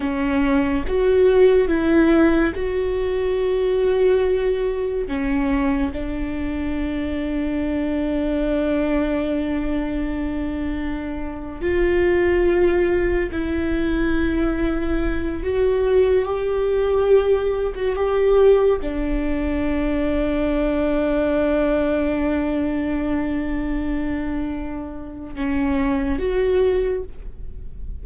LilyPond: \new Staff \with { instrumentName = "viola" } { \time 4/4 \tempo 4 = 71 cis'4 fis'4 e'4 fis'4~ | fis'2 cis'4 d'4~ | d'1~ | d'4.~ d'16 f'2 e'16~ |
e'2~ e'16 fis'4 g'8.~ | g'4 fis'16 g'4 d'4.~ d'16~ | d'1~ | d'2 cis'4 fis'4 | }